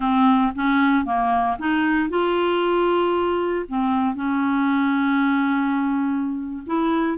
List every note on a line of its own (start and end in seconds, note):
0.00 0.52 C4
0.55 1.05 C#4
1.05 1.57 A#3
1.59 2.09 D#4
2.09 3.66 F4
3.68 4.15 C4
4.15 6.63 C#4
6.66 7.17 E4